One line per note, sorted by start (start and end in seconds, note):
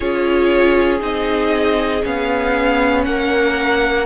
0.00 1.01 C#4
0.00 0.99 F4
0.00 3.03 G#4
0.00 0.99 C#5
0.99 2.03 C4
0.99 2.01 D#4
0.99 2.04 D#5
2.02 3.06 B3
2.02 4.06 C#4
2.02 3.04 F5
3.04 4.06 A#3
3.04 4.06 A#4
3.04 4.06 F#5